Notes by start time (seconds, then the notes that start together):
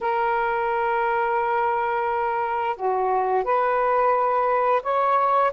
0.00 A#4
2.76 F#4
3.44 B4
4.82 C#5